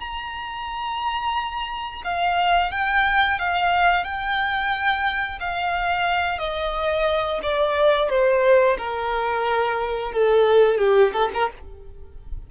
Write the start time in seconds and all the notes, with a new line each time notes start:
0.00 A#5
2.04 F5
2.72 G5
3.39 F5
4.04 G5
5.40 F5
6.39 D#5
7.43 D5
8.10 C5
8.78 A#4
10.13 A4
10.79 G4
11.13 A4
11.34 A#4